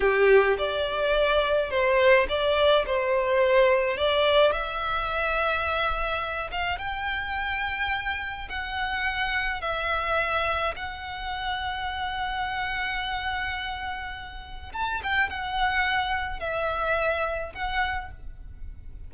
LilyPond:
\new Staff \with { instrumentName = "violin" } { \time 4/4 \tempo 4 = 106 g'4 d''2 c''4 | d''4 c''2 d''4 | e''2.~ e''8 f''8 | g''2. fis''4~ |
fis''4 e''2 fis''4~ | fis''1~ | fis''2 a''8 g''8 fis''4~ | fis''4 e''2 fis''4 | }